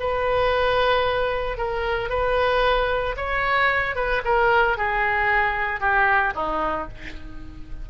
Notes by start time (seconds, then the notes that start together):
0.00 B4
1.58 A#4
2.10 B4
3.17 C#5
3.96 B4
4.25 A#4
4.78 G#4
5.81 G4
6.35 D#4